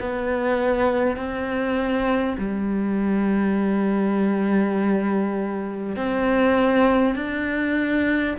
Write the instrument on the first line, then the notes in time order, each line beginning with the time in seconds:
cello
0.00 B3
1.16 C4
2.38 G3
5.96 C4
7.15 D4